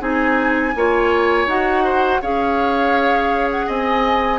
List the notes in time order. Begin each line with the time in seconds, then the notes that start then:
0.00 C4 D#4 G#4 G#5
0.76 A#3 F4 C#5
1.46 D#4 F#4 F#5
1.84 C5
2.21 C#4 G#4 C#5 F5
3.50 F#5
3.66 C4 D#5 G#5